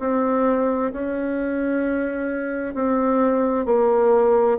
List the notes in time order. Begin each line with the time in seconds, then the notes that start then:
0.00 C4
0.93 C#4
2.75 C4
3.66 A#3